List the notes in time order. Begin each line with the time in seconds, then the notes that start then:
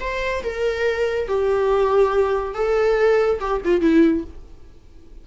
0.00 C5
0.43 A#4
1.28 G4
2.54 A4
3.40 G4
3.64 F4
3.81 E4